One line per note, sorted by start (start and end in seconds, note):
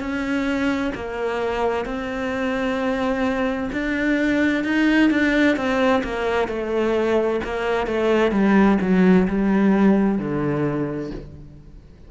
0.00 0.92 C#4
0.95 1.85 A#3
1.85 3.70 C4
3.72 4.64 D4
4.64 5.10 D#4
5.10 5.56 D4
5.56 6.03 C4
6.03 6.48 A#3
6.48 7.40 A3
7.44 7.87 A#3
7.87 8.32 A3
8.32 8.78 G3
8.81 9.27 F#3
9.28 10.18 G3
10.18 11.11 D3